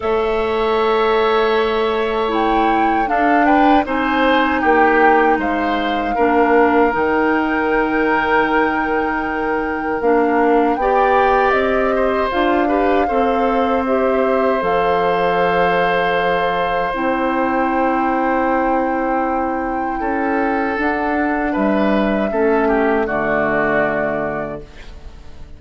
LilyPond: <<
  \new Staff \with { instrumentName = "flute" } { \time 4/4 \tempo 4 = 78 e''2. g''4 | f''8 g''8 gis''4 g''4 f''4~ | f''4 g''2.~ | g''4 f''4 g''4 dis''4 |
f''2 e''4 f''4~ | f''2 g''2~ | g''2. fis''4 | e''2 d''2 | }
  \new Staff \with { instrumentName = "oboe" } { \time 4/4 cis''1 | a'8 b'8 c''4 g'4 c''4 | ais'1~ | ais'2 d''4. c''8~ |
c''8 b'8 c''2.~ | c''1~ | c''2 a'2 | b'4 a'8 g'8 fis'2 | }
  \new Staff \with { instrumentName = "clarinet" } { \time 4/4 a'2. e'4 | d'4 dis'2. | d'4 dis'2.~ | dis'4 d'4 g'2 |
f'8 g'8 a'4 g'4 a'4~ | a'2 e'2~ | e'2. d'4~ | d'4 cis'4 a2 | }
  \new Staff \with { instrumentName = "bassoon" } { \time 4/4 a1 | d'4 c'4 ais4 gis4 | ais4 dis2.~ | dis4 ais4 b4 c'4 |
d'4 c'2 f4~ | f2 c'2~ | c'2 cis'4 d'4 | g4 a4 d2 | }
>>